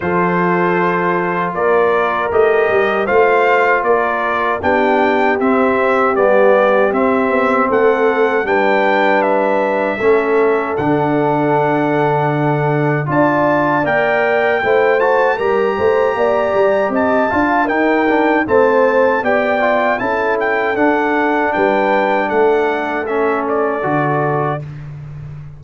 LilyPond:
<<
  \new Staff \with { instrumentName = "trumpet" } { \time 4/4 \tempo 4 = 78 c''2 d''4 dis''4 | f''4 d''4 g''4 e''4 | d''4 e''4 fis''4 g''4 | e''2 fis''2~ |
fis''4 a''4 g''4. a''8 | ais''2 a''4 g''4 | a''4 g''4 a''8 g''8 fis''4 | g''4 fis''4 e''8 d''4. | }
  \new Staff \with { instrumentName = "horn" } { \time 4/4 a'2 ais'2 | c''4 ais'4 g'2~ | g'2 a'4 b'4~ | b'4 a'2.~ |
a'4 d''2 c''4 | ais'8 c''8 d''4 dis''8 f''8 ais'4 | c''4 d''4 a'2 | b'4 a'2. | }
  \new Staff \with { instrumentName = "trombone" } { \time 4/4 f'2. g'4 | f'2 d'4 c'4 | b4 c'2 d'4~ | d'4 cis'4 d'2~ |
d'4 f'4 ais'4 e'8 fis'8 | g'2~ g'8 f'8 dis'8 d'8 | c'4 g'8 f'8 e'4 d'4~ | d'2 cis'4 fis'4 | }
  \new Staff \with { instrumentName = "tuba" } { \time 4/4 f2 ais4 a8 g8 | a4 ais4 b4 c'4 | g4 c'8 b8 a4 g4~ | g4 a4 d2~ |
d4 d'4 ais4 a4 | g8 a8 ais8 g8 c'8 d'8 dis'4 | a4 b4 cis'4 d'4 | g4 a2 d4 | }
>>